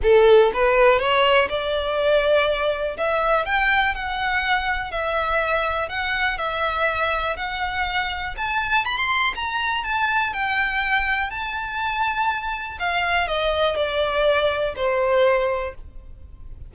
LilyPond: \new Staff \with { instrumentName = "violin" } { \time 4/4 \tempo 4 = 122 a'4 b'4 cis''4 d''4~ | d''2 e''4 g''4 | fis''2 e''2 | fis''4 e''2 fis''4~ |
fis''4 a''4 b''16 c'''8. ais''4 | a''4 g''2 a''4~ | a''2 f''4 dis''4 | d''2 c''2 | }